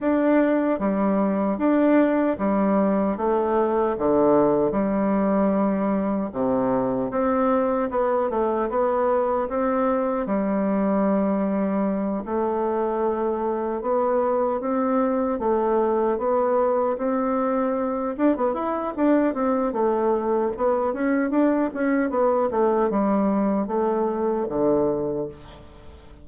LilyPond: \new Staff \with { instrumentName = "bassoon" } { \time 4/4 \tempo 4 = 76 d'4 g4 d'4 g4 | a4 d4 g2 | c4 c'4 b8 a8 b4 | c'4 g2~ g8 a8~ |
a4. b4 c'4 a8~ | a8 b4 c'4. d'16 b16 e'8 | d'8 c'8 a4 b8 cis'8 d'8 cis'8 | b8 a8 g4 a4 d4 | }